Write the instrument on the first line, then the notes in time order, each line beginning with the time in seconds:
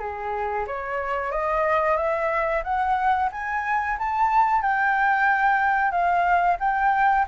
flute
0.00 G#4
0.67 C#5
1.32 D#5
1.97 E5
2.64 F#5
3.32 G#5
3.99 A5
4.62 G5
5.92 F5
6.60 G5